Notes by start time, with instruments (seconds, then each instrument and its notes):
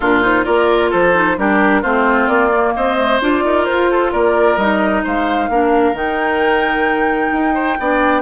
0.00 bassoon A#2, clarinet D4, oboe F4, flute A#4
0.22 clarinet D#4, flute C5
0.44 bassoon A#3, clarinet F4, oboe A#4, flute D5
0.90 bassoon F3, oboe A4, flute C5
1.13 clarinet D#4
1.37 bassoon G3, clarinet D4, oboe G4, flute A#4
1.81 bassoon A3, clarinet C4, oboe F4, flute C5
2.27 bassoon A#3, flute D5
2.52 clarinet A#3
2.75 bassoon C4, oboe C5, flute D#5
2.97 clarinet A3
3.21 bassoon D4, clarinet F4, flute D5
3.44 bassoon D#4, oboe A#4
3.65 bassoon F4, flute C5
3.91 oboe A4
4.12 bassoon A#3, oboe A#4, flute D5
4.57 bassoon G3, clarinet D#4, flute D#5
5.03 bassoon G#3, oboe C5, flute F5
5.49 bassoon A#3, clarinet D4, oboe A#4
5.93 bassoon D#3, clarinet D#4, flute G5
7.31 bassoon D#4
7.54 oboe C5
7.79 bassoon B3, clarinet D4, oboe D5